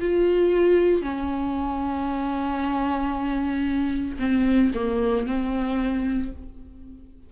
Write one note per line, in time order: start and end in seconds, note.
0.00 1.01 F4
1.01 4.17 C#4
4.19 4.72 C4
4.74 5.27 A#3
5.27 6.32 C4